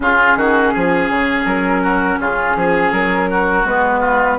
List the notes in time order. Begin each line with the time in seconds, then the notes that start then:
0.00 C#3 C#4 F4 G#4
0.36 D#3 F#4
0.73 F3 G#4
1.09 C#3
1.45 F#3 A#4
1.82 F#4
2.19 C#3 F4 G#4
2.55 F3 G#4
2.91 F#3 A#4
3.30 F#4
3.64 G#3 B3 B4
4.00 F4